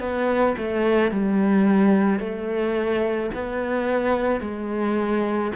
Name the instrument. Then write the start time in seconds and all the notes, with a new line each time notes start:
cello
0.00 B3
0.58 A3
1.11 G3
2.19 A3
3.34 B3
4.41 G#3